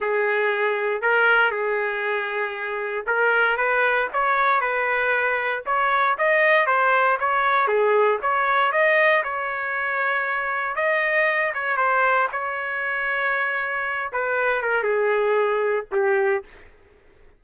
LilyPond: \new Staff \with { instrumentName = "trumpet" } { \time 4/4 \tempo 4 = 117 gis'2 ais'4 gis'4~ | gis'2 ais'4 b'4 | cis''4 b'2 cis''4 | dis''4 c''4 cis''4 gis'4 |
cis''4 dis''4 cis''2~ | cis''4 dis''4. cis''8 c''4 | cis''2.~ cis''8 b'8~ | b'8 ais'8 gis'2 g'4 | }